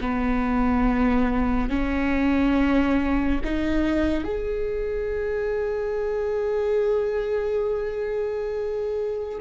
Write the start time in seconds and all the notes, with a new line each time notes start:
0.00 B3
1.69 C#4
3.44 D#4
4.24 G#4